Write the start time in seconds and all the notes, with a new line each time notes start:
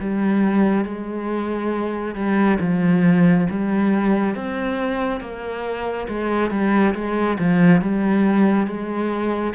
0.00 G3
0.85 G#3
2.15 G3
2.60 F3
3.50 G3
4.35 C4
5.21 A#3
6.08 G#3
6.51 G3
6.94 G#3
7.39 F3
7.81 G3
8.67 G#3